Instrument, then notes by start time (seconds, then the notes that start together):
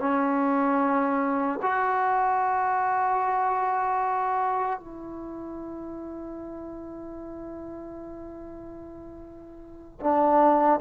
trombone
0.00 C#4
1.63 F#4
4.80 E4
10.01 D4